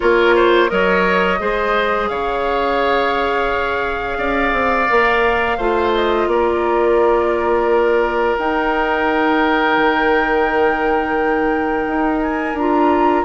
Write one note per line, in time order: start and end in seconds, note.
0.00 0.71 A#3
0.00 0.68 F4
0.00 0.35 A#4
0.00 0.69 C#5
0.35 0.70 C5
0.68 1.40 F#3
0.68 1.38 A#4
0.68 1.40 C#5
0.68 2.08 D#5
1.38 2.09 G#3
1.38 4.87 G#4
1.38 2.10 C5
2.08 4.17 C#3
2.08 4.18 C#5
2.08 5.92 F5
4.17 4.52 C#4
4.17 5.57 D5
4.52 4.87 C4
4.88 5.57 A#3
4.88 5.58 A#4
5.57 6.26 A3
5.57 8.38 F4
5.57 6.27 C5
5.94 6.28 D#5
6.26 8.36 A#3
6.26 13.24 A#4
6.26 8.37 D5
8.38 9.77 D#4
8.38 12.57 D#4
8.38 12.22 G5
9.77 11.86 D#3
11.86 12.53 D#4
12.22 12.56 G#5
12.53 13.23 D4
12.53 13.24 F4
12.53 13.24 A#5